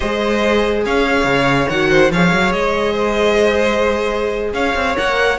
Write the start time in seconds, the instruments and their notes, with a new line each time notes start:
0.00 cello G#3, viola G#4, violin C5 D#5
0.85 cello C#4, violin C#5 F5
1.24 cello C#3
1.69 cello D#3, viola F#4, violin F#5
1.90 violin C5
2.10 cello F3, viola G#4, violin C#5 F5
2.32 cello F#3
2.52 cello G#3, violin D#5
2.93 violin C5
4.53 cello C#4, violin C#5 F5
4.75 cello C4
4.95 cello A#3, viola A#4, violin F#5